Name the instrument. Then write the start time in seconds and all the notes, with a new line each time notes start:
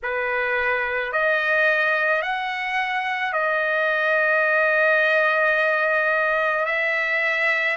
trumpet
0.03 B4
1.12 D#5
2.22 F#5
3.32 D#5
6.65 E5